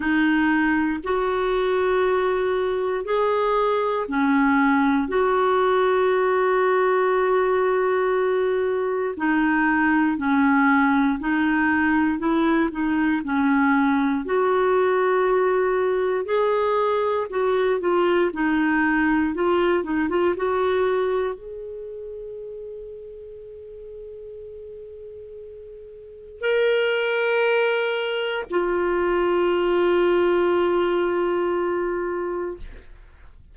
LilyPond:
\new Staff \with { instrumentName = "clarinet" } { \time 4/4 \tempo 4 = 59 dis'4 fis'2 gis'4 | cis'4 fis'2.~ | fis'4 dis'4 cis'4 dis'4 | e'8 dis'8 cis'4 fis'2 |
gis'4 fis'8 f'8 dis'4 f'8 dis'16 f'16 | fis'4 gis'2.~ | gis'2 ais'2 | f'1 | }